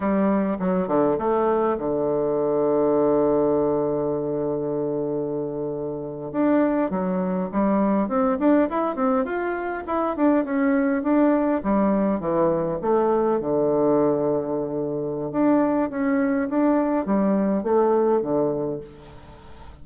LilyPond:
\new Staff \with { instrumentName = "bassoon" } { \time 4/4 \tempo 4 = 102 g4 fis8 d8 a4 d4~ | d1~ | d2~ d8. d'4 fis16~ | fis8. g4 c'8 d'8 e'8 c'8 f'16~ |
f'8. e'8 d'8 cis'4 d'4 g16~ | g8. e4 a4 d4~ d16~ | d2 d'4 cis'4 | d'4 g4 a4 d4 | }